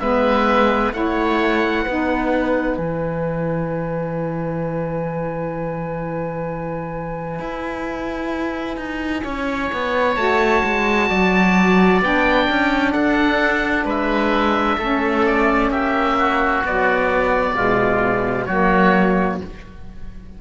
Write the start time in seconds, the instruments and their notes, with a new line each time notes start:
0.00 cello G#3, saxophone B3, oboe B4 E5
0.93 cello A3, saxophone E4, oboe C#5 F#5
1.83 cello B3, saxophone D#4, oboe B4
2.77 cello E3, saxophone E4, oboe G#5
7.39 cello E4
8.77 cello D#4
9.24 cello C#4, oboe C#5
9.72 cello B3
10.15 cello A3, saxophone F#4, oboe A5
10.64 cello G#3
11.09 cello F#3, oboe D5
12.01 cello B3, saxophone D4, oboe G5
12.50 cello C#4
12.92 cello D4, oboe A4 F#5
13.85 cello G#3, oboe B4 E5
14.78 cello A3, saxophone C#4, oboe A4
15.26 oboe D5
15.70 cello A#3, oboe G4 E5
16.18 oboe F#4
16.63 saxophone F#3, cello B3, oboe D5
17.54 cello B2, saxophone G#3, oboe F4
18.45 cello F#3, saxophone A#3, oboe F#4 C#5